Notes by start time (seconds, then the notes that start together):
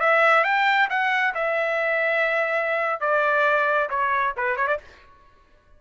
0.00 E5
0.44 G5
0.89 F#5
1.34 E5
3.00 D5
3.89 C#5
4.37 B4
4.56 C#5
4.67 D5